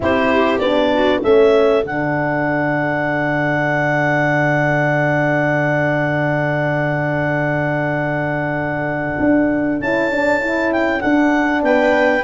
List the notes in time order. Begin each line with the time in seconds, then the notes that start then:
0.00 C4 E4 G4 C5
0.58 B3 D4 D5
0.94 F#4
1.22 A3 C#4 A4 E5
1.84 D3 D4 F#5
9.19 D4
9.79 C#4 E4 A5
10.11 D4
10.40 E4
10.72 G5
11.01 D4 F#5
11.62 B3 B4 G5